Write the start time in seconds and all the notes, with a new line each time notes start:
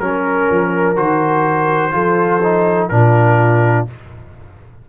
0.00 F#3 C#4 A#4
0.50 F3
0.96 D#3 F#4 C5
1.92 F3 F4 A4
2.43 D#4
2.89 A#2 D4 F4 A#4